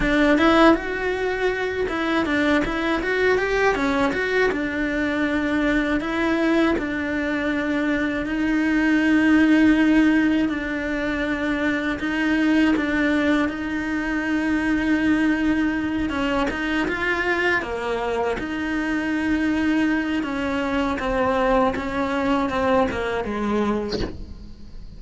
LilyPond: \new Staff \with { instrumentName = "cello" } { \time 4/4 \tempo 4 = 80 d'8 e'8 fis'4. e'8 d'8 e'8 | fis'8 g'8 cis'8 fis'8 d'2 | e'4 d'2 dis'4~ | dis'2 d'2 |
dis'4 d'4 dis'2~ | dis'4. cis'8 dis'8 f'4 ais8~ | ais8 dis'2~ dis'8 cis'4 | c'4 cis'4 c'8 ais8 gis4 | }